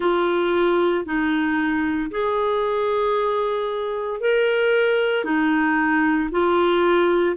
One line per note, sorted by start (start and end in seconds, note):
0.00 1.05 F4
1.05 2.10 D#4
2.11 4.20 G#4
4.20 5.24 A#4
5.24 6.29 D#4
6.31 7.36 F4